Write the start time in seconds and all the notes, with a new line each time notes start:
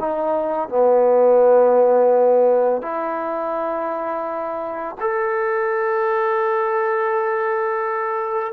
0.00 D#4
0.69 B3
2.82 E4
5.00 A4